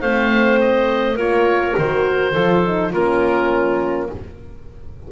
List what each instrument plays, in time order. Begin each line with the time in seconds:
0.00 double bass A3, horn C4, clarinet C5, oboe F5
0.60 oboe D#5
1.16 double bass A#3, horn F4, clarinet A#4, oboe C#5
1.78 double bass D#3, horn F#4, oboe C5
2.32 double bass F3, horn F4, clarinet A4
2.64 horn D#4
2.92 double bass A#3, horn C#4, clarinet F4, oboe A#4